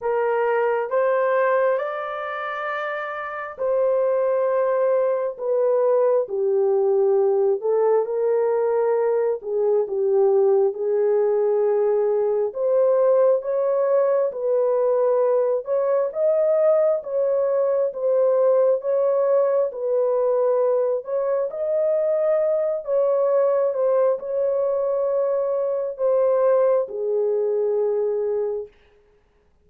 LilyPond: \new Staff \with { instrumentName = "horn" } { \time 4/4 \tempo 4 = 67 ais'4 c''4 d''2 | c''2 b'4 g'4~ | g'8 a'8 ais'4. gis'8 g'4 | gis'2 c''4 cis''4 |
b'4. cis''8 dis''4 cis''4 | c''4 cis''4 b'4. cis''8 | dis''4. cis''4 c''8 cis''4~ | cis''4 c''4 gis'2 | }